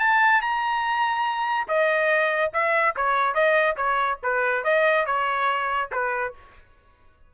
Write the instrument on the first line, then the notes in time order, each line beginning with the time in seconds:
trumpet
0.00 A5
0.42 A#5
1.68 D#5
2.54 E5
2.96 C#5
3.35 D#5
3.77 C#5
4.23 B4
4.64 D#5
5.07 C#5
5.92 B4